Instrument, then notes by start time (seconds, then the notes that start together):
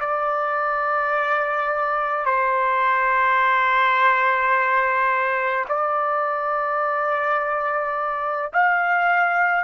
trumpet
0.00 D5
2.25 C5
5.69 D5
8.53 F5